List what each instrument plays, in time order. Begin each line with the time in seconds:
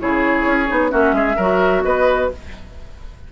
0.00 bassoon C#3, clarinet E4, oboe G#4, flute C#5
0.46 bassoon C#4
0.67 bassoon B3, clarinet D#4
0.90 bassoon A#3, clarinet C#4, oboe F#4, flute E5
1.13 bassoon G#3, oboe G#4
1.37 bassoon F#3, clarinet F#4, oboe A#4
1.84 bassoon B3, oboe B4, flute D#5